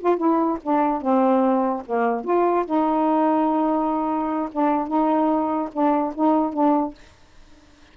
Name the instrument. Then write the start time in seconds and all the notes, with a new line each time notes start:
saxophone
0.00 F4
0.17 E4
0.63 D4
1.01 C4
1.86 A#3
2.24 F4
2.65 D#4
4.52 D4
4.87 D#4
5.73 D4
6.15 D#4
6.53 D4